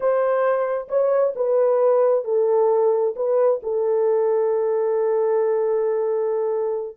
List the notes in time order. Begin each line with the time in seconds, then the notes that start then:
0.00 C5
0.88 C#5
1.35 B4
2.24 A4
3.15 B4
3.62 A4